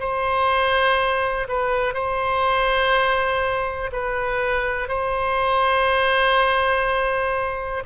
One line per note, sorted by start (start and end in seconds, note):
0.00 1.48 C5
1.48 1.94 B4
1.94 3.90 C5
3.92 4.88 B4
4.88 7.83 C5